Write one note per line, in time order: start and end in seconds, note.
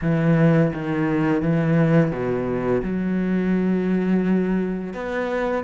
0.01 0.72 E3
0.73 1.42 D#3
1.42 2.11 E3
2.11 2.82 B2
2.82 4.93 F#3
4.93 5.64 B3